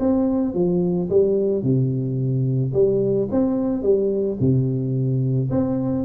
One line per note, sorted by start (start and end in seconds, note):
0.00 0.55 C4
0.55 1.10 F3
1.10 1.63 G3
1.63 2.73 C3
2.74 3.29 G3
3.32 3.83 C4
3.83 4.38 G3
4.40 5.50 C3
5.51 6.05 C4